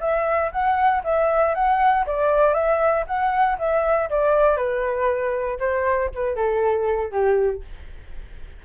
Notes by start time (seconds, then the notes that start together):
0.00 E5
0.52 F#5
1.04 E5
1.54 F#5
2.06 D5
2.54 E5
3.07 F#5
3.58 E5
4.10 D5
4.56 B4
5.59 C5
6.14 B4
6.36 A4
7.11 G4